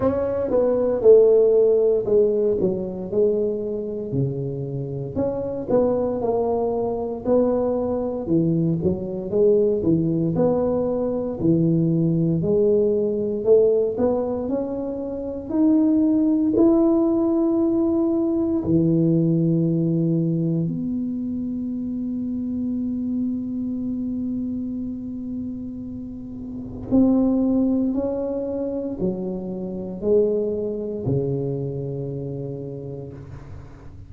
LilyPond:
\new Staff \with { instrumentName = "tuba" } { \time 4/4 \tempo 4 = 58 cis'8 b8 a4 gis8 fis8 gis4 | cis4 cis'8 b8 ais4 b4 | e8 fis8 gis8 e8 b4 e4 | gis4 a8 b8 cis'4 dis'4 |
e'2 e2 | b1~ | b2 c'4 cis'4 | fis4 gis4 cis2 | }